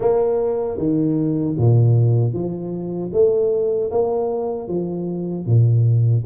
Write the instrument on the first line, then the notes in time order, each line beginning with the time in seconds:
tuba
0.00 A#3
0.77 D#3
1.57 A#2
2.33 F3
3.12 A3
3.91 A#3
4.68 F3
5.46 A#2